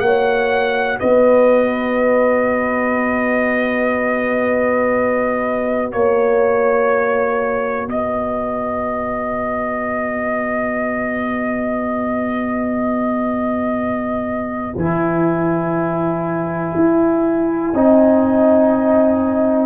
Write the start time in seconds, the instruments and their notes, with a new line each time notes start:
0.00 tuba A#3, trombone F#4, horn C#5, trumpet F#5
1.00 tuba B3, horn B4, trumpet D#5
5.92 tuba A#3, trumpet C#5, horn C#5
7.86 tuba B3, horn B4, trumpet D#5
14.76 tuba E3, trombone E4, trumpet G#5
16.75 tuba E4
17.73 tuba C4, trombone D#4, horn D#5